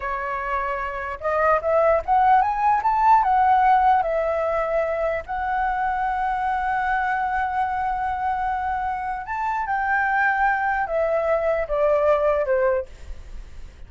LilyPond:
\new Staff \with { instrumentName = "flute" } { \time 4/4 \tempo 4 = 149 cis''2. dis''4 | e''4 fis''4 gis''4 a''4 | fis''2 e''2~ | e''4 fis''2.~ |
fis''1~ | fis''2. a''4 | g''2. e''4~ | e''4 d''2 c''4 | }